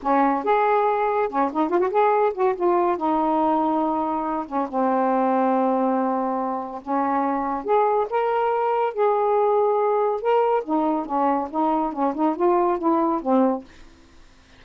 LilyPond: \new Staff \with { instrumentName = "saxophone" } { \time 4/4 \tempo 4 = 141 cis'4 gis'2 cis'8 dis'8 | f'16 fis'16 gis'4 fis'8 f'4 dis'4~ | dis'2~ dis'8 cis'8 c'4~ | c'1 |
cis'2 gis'4 ais'4~ | ais'4 gis'2. | ais'4 dis'4 cis'4 dis'4 | cis'8 dis'8 f'4 e'4 c'4 | }